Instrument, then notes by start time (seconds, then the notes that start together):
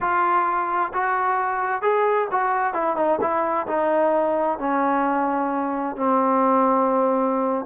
trombone
0.00 F4
0.93 F#4
1.82 G#4
2.31 F#4
2.73 E4
2.96 D#4
3.21 E4
3.67 D#4
4.58 C#4
5.96 C4